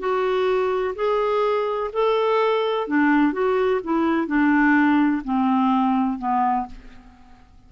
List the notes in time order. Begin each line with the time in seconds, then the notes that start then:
0.00 F#4
0.96 G#4
1.94 A4
2.88 D4
3.33 F#4
3.84 E4
4.27 D4
5.25 C4
6.19 B3